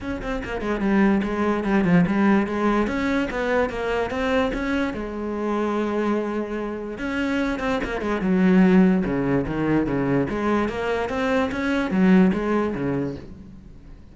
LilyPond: \new Staff \with { instrumentName = "cello" } { \time 4/4 \tempo 4 = 146 cis'8 c'8 ais8 gis8 g4 gis4 | g8 f8 g4 gis4 cis'4 | b4 ais4 c'4 cis'4 | gis1~ |
gis4 cis'4. c'8 ais8 gis8 | fis2 cis4 dis4 | cis4 gis4 ais4 c'4 | cis'4 fis4 gis4 cis4 | }